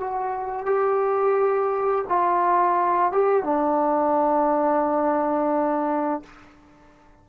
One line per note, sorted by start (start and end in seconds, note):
0.00 0.66 F#4
0.66 2.05 G4
2.09 3.12 F4
3.12 3.43 G4
3.43 6.23 D4